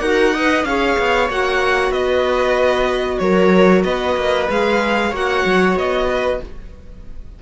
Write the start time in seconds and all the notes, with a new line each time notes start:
0.00 D#4 F#4 A#4 F#5
0.34 B4 D#5
0.64 C#4 G#4 C#5 F5
0.99 B3
1.30 A#3 F#4 F#5
1.91 B3 B4 D#5
3.19 F#3 A#4 C#5
3.84 B3 B4 D#5
4.16 A#3
4.50 G#3 G#4 F5
5.11 A#3 F#4 C#5 F#5
5.46 F#3
5.76 B3 D#5
6.08 B4